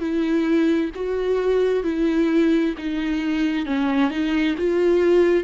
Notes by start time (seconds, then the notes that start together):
0.00 E4
0.95 F#4
1.84 E4
2.78 D#4
3.66 C#4
4.10 D#4
4.58 F4